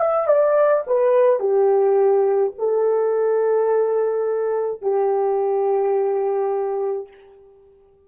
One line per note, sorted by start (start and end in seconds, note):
0.00 0.27 E5
0.27 0.84 D5
0.87 1.39 B4
1.39 2.53 G4
2.58 4.82 A4
4.82 7.08 G4